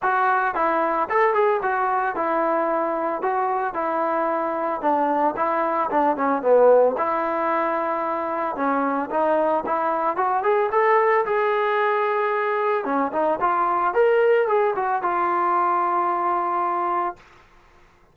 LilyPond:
\new Staff \with { instrumentName = "trombone" } { \time 4/4 \tempo 4 = 112 fis'4 e'4 a'8 gis'8 fis'4 | e'2 fis'4 e'4~ | e'4 d'4 e'4 d'8 cis'8 | b4 e'2. |
cis'4 dis'4 e'4 fis'8 gis'8 | a'4 gis'2. | cis'8 dis'8 f'4 ais'4 gis'8 fis'8 | f'1 | }